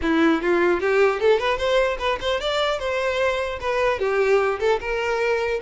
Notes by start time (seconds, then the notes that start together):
0.01 E4
0.41 F4
0.80 G4
1.19 A4
1.39 B4
1.57 C5
1.99 B4
2.20 C5
2.40 D5
2.79 C5
3.60 B4
3.99 G4
4.59 A4
4.80 A#4